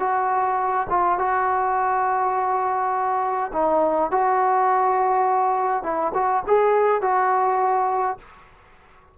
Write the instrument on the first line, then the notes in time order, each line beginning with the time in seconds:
trombone
0.00 F#4
0.90 F4
1.19 F#4
3.53 D#4
4.11 F#4
5.84 E4
6.14 F#4
6.48 G#4
7.02 F#4